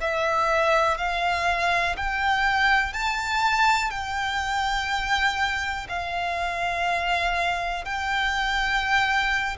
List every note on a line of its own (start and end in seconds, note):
0.00 0.97 E5
0.97 1.96 F5
1.96 2.93 G5
2.93 3.90 A5
3.90 5.87 G5
5.89 7.85 F5
7.85 9.57 G5